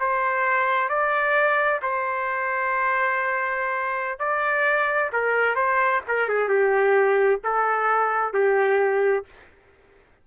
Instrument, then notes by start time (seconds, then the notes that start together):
trumpet
0.00 C5
0.89 D5
1.82 C5
4.19 D5
5.13 A#4
5.56 C5
6.08 A#4
6.29 G#4
6.49 G4
7.44 A4
8.34 G4